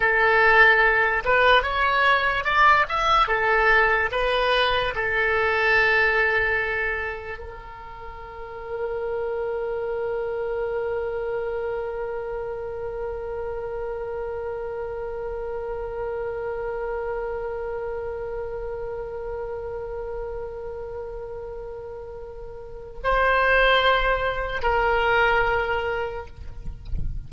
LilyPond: \new Staff \with { instrumentName = "oboe" } { \time 4/4 \tempo 4 = 73 a'4. b'8 cis''4 d''8 e''8 | a'4 b'4 a'2~ | a'4 ais'2.~ | ais'1~ |
ais'1~ | ais'1~ | ais'1 | c''2 ais'2 | }